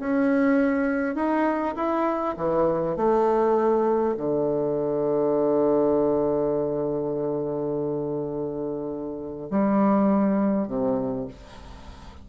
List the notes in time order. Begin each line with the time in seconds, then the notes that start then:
0.00 C#4
1.16 D#4
1.76 E4
2.37 E3
2.96 A3
4.18 D3
9.51 G3
10.68 C3